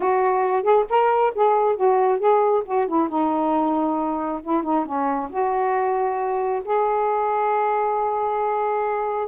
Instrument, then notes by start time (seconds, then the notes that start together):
saxophone
0.00 F#4
0.62 G#4
0.89 A#4
1.34 G#4
1.76 F#4
2.19 G#4
2.65 F#4
2.87 E4
3.08 D#4
4.42 E4
4.63 D#4
4.85 C#4
5.30 F#4
6.64 G#4